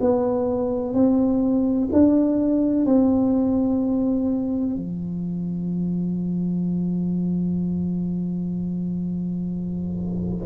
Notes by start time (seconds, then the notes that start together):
0.00 B3
0.93 C4
1.92 D4
2.85 C4
4.76 F3